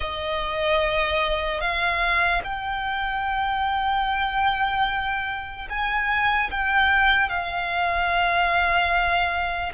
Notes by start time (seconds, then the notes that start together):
0.00 D#5
1.60 F5
2.44 G5
5.69 G#5
6.50 G5
7.29 F5